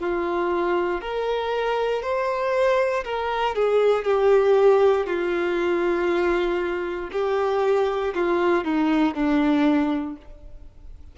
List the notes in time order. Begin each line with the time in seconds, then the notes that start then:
0.00 F4
1.02 A#4
2.03 C5
3.05 A#4
3.55 G#4
4.05 G4
5.07 F4
7.12 G4
8.14 F4
8.65 D#4
9.15 D4